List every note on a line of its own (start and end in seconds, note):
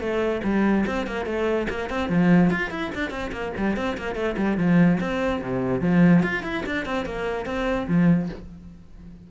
0.00 0.41 A3
0.44 0.85 G3
0.87 1.07 C4
1.07 1.26 A#3
1.26 1.67 A3
1.70 1.90 A#3
1.90 2.09 C4
2.09 2.51 F3
2.51 2.70 F4
2.70 2.91 E4
2.95 3.11 D4
3.11 3.31 C4
3.32 3.53 A#3
3.57 3.77 G3
3.77 3.97 C4
3.98 4.15 A#3
4.15 4.36 A3
4.37 4.58 G3
4.58 4.99 F3
5.01 5.42 C4
5.42 5.81 C3
5.81 6.23 F3
6.23 6.43 F4
6.43 6.64 E4
6.66 6.86 D4
6.86 7.06 C4
7.06 7.46 A#3
7.46 7.87 C4
7.88 8.29 F3